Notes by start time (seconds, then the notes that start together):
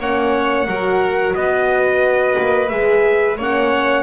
0.00 A#3 C#4 C#5 F#5
0.67 F#3 F#4 A#4
1.35 B3 B4 D#5
2.39 A#3
2.69 G#3 G#4 E5
3.37 A#3 C#4 C#5 F#5